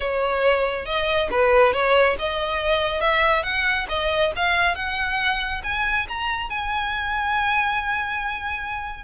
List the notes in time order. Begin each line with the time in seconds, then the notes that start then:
0.00 C#5
0.85 D#5
1.30 B4
1.73 C#5
2.18 D#5
3.00 E5
3.43 F#5
3.88 D#5
4.36 F5
4.75 F#5
5.63 G#5
6.08 A#5
6.49 G#5